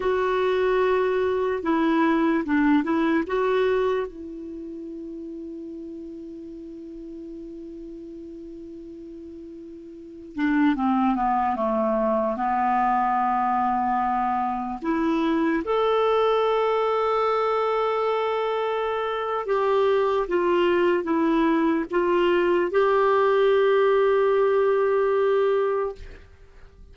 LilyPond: \new Staff \with { instrumentName = "clarinet" } { \time 4/4 \tempo 4 = 74 fis'2 e'4 d'8 e'8 | fis'4 e'2.~ | e'1~ | e'8. d'8 c'8 b8 a4 b8.~ |
b2~ b16 e'4 a'8.~ | a'1 | g'4 f'4 e'4 f'4 | g'1 | }